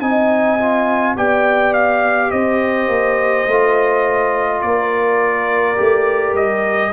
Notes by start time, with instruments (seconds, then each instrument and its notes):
0.00 tuba C4, trombone D#4, horn D#5, trumpet G#5
0.59 trombone F4
1.16 tuba B3, trombone G4, horn D5, trumpet G5
1.73 trumpet F5
2.31 tuba C4, horn C5, trumpet D#5
2.87 tuba A#3
3.47 tuba A3, trombone F4
4.62 tuba A#3, horn A#4, trumpet D5
5.76 tuba A3, trombone G4
6.34 tuba G3, trumpet D#5